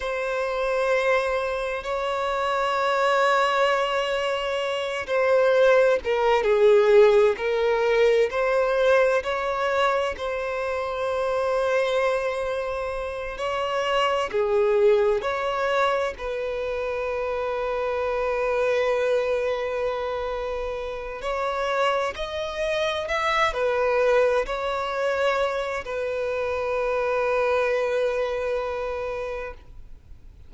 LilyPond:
\new Staff \with { instrumentName = "violin" } { \time 4/4 \tempo 4 = 65 c''2 cis''2~ | cis''4. c''4 ais'8 gis'4 | ais'4 c''4 cis''4 c''4~ | c''2~ c''8 cis''4 gis'8~ |
gis'8 cis''4 b'2~ b'8~ | b'2. cis''4 | dis''4 e''8 b'4 cis''4. | b'1 | }